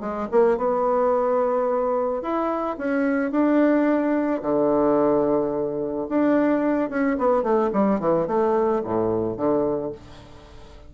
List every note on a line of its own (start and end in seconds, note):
0.00 0.28 G#3
0.31 0.57 A#3
0.57 2.22 B3
2.22 2.77 E4
2.78 3.31 C#4
3.31 4.41 D4
4.42 6.07 D3
6.09 6.89 D4
6.89 7.17 C#4
7.18 7.43 B3
7.43 7.70 A3
7.73 8.00 G3
8.00 8.27 E3
8.27 8.82 A3
8.84 9.37 A2
9.37 9.92 D3